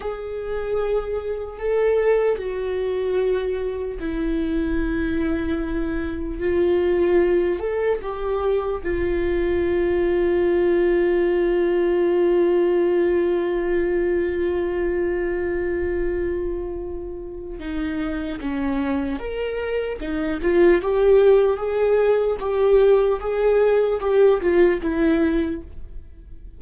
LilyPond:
\new Staff \with { instrumentName = "viola" } { \time 4/4 \tempo 4 = 75 gis'2 a'4 fis'4~ | fis'4 e'2. | f'4. a'8 g'4 f'4~ | f'1~ |
f'1~ | f'2 dis'4 cis'4 | ais'4 dis'8 f'8 g'4 gis'4 | g'4 gis'4 g'8 f'8 e'4 | }